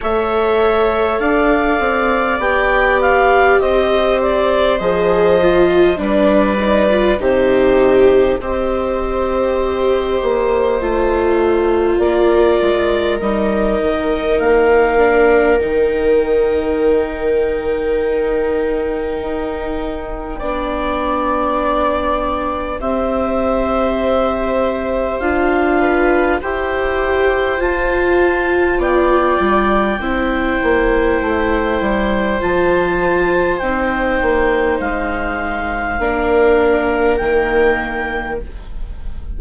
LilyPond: <<
  \new Staff \with { instrumentName = "clarinet" } { \time 4/4 \tempo 4 = 50 e''4 f''4 g''8 f''8 dis''8 d''8 | dis''4 d''4 c''4 dis''4~ | dis''2 d''4 dis''4 | f''4 g''2.~ |
g''2. e''4~ | e''4 f''4 g''4 a''4 | g''2. a''4 | g''4 f''2 g''4 | }
  \new Staff \with { instrumentName = "viola" } { \time 4/4 cis''4 d''2 c''4~ | c''4 b'4 g'4 c''4~ | c''2 ais'2~ | ais'1~ |
ais'4 d''2 c''4~ | c''4. b'8 c''2 | d''4 c''2.~ | c''2 ais'2 | }
  \new Staff \with { instrumentName = "viola" } { \time 4/4 a'2 g'2 | gis'8 f'8 d'8 dis'16 f'16 dis'4 g'4~ | g'4 f'2 dis'4~ | dis'8 d'8 dis'2.~ |
dis'4 d'2 g'4~ | g'4 f'4 g'4 f'4~ | f'4 e'2 f'4 | dis'2 d'4 ais4 | }
  \new Staff \with { instrumentName = "bassoon" } { \time 4/4 a4 d'8 c'8 b4 c'4 | f4 g4 c4 c'4~ | c'8 ais8 a4 ais8 gis8 g8 dis8 | ais4 dis2. |
dis'4 b2 c'4~ | c'4 d'4 e'4 f'4 | b8 g8 c'8 ais8 a8 g8 f4 | c'8 ais8 gis4 ais4 dis4 | }
>>